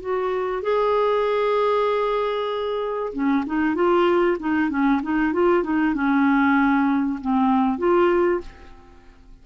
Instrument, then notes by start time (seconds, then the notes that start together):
clarinet
0.00 F#4
0.63 G#4
3.13 C#4
3.46 D#4
3.75 F4
4.39 D#4
4.70 C#4
5.03 D#4
5.33 F4
5.64 D#4
5.94 C#4
7.21 C4
7.78 F4